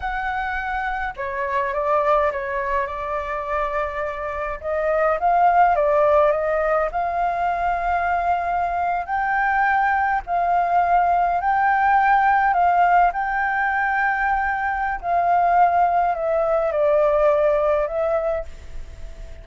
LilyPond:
\new Staff \with { instrumentName = "flute" } { \time 4/4 \tempo 4 = 104 fis''2 cis''4 d''4 | cis''4 d''2. | dis''4 f''4 d''4 dis''4 | f''2.~ f''8. g''16~ |
g''4.~ g''16 f''2 g''16~ | g''4.~ g''16 f''4 g''4~ g''16~ | g''2 f''2 | e''4 d''2 e''4 | }